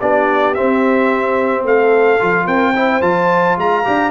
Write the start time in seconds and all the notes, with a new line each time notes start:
0.00 B3 D4 G4 D5
0.54 C4 E5
1.64 A3 A4 F5
2.19 F3 F4
2.45 C4 A#4 G5
2.75 E4 C5
3.01 F3 F4 A5
3.58 G#3 F5 A#5
3.84 D4 G4